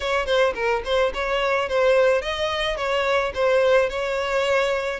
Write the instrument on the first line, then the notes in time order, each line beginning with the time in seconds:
violin
0.00 C#5
0.26 C5
0.54 A#4
0.84 C5
1.13 C#5
1.68 C5
2.21 D#5
2.77 C#5
3.34 C5
3.89 C#5